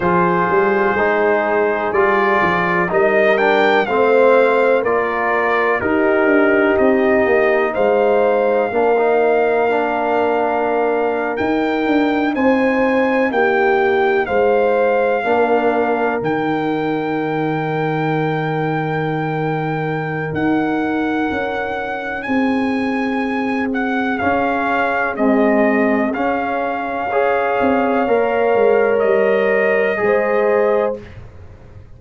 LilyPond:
<<
  \new Staff \with { instrumentName = "trumpet" } { \time 4/4 \tempo 4 = 62 c''2 d''4 dis''8 g''8 | f''4 d''4 ais'4 dis''4 | f''2.~ f''8. g''16~ | g''8. gis''4 g''4 f''4~ f''16~ |
f''8. g''2.~ g''16~ | g''4 fis''2 gis''4~ | gis''8 fis''8 f''4 dis''4 f''4~ | f''2 dis''2 | }
  \new Staff \with { instrumentName = "horn" } { \time 4/4 gis'2. ais'4 | c''4 ais'4 g'2 | c''4 ais'2.~ | ais'8. c''4 g'4 c''4 ais'16~ |
ais'1~ | ais'2. gis'4~ | gis'1 | cis''2. c''4 | }
  \new Staff \with { instrumentName = "trombone" } { \time 4/4 f'4 dis'4 f'4 dis'8 d'8 | c'4 f'4 dis'2~ | dis'4 d'16 dis'8. d'4.~ d'16 dis'16~ | dis'2.~ dis'8. d'16~ |
d'8. dis'2.~ dis'16~ | dis'1~ | dis'4 cis'4 gis4 cis'4 | gis'4 ais'2 gis'4 | }
  \new Staff \with { instrumentName = "tuba" } { \time 4/4 f8 g8 gis4 g8 f8 g4 | a4 ais4 dis'8 d'8 c'8 ais8 | gis4 ais2~ ais8. dis'16~ | dis'16 d'8 c'4 ais4 gis4 ais16~ |
ais8. dis2.~ dis16~ | dis4 dis'4 cis'4 c'4~ | c'4 cis'4 c'4 cis'4~ | cis'8 c'8 ais8 gis8 g4 gis4 | }
>>